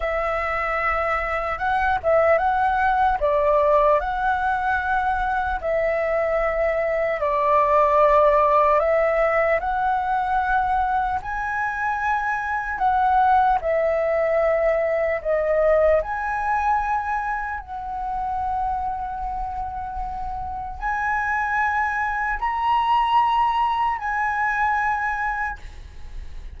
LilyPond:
\new Staff \with { instrumentName = "flute" } { \time 4/4 \tempo 4 = 75 e''2 fis''8 e''8 fis''4 | d''4 fis''2 e''4~ | e''4 d''2 e''4 | fis''2 gis''2 |
fis''4 e''2 dis''4 | gis''2 fis''2~ | fis''2 gis''2 | ais''2 gis''2 | }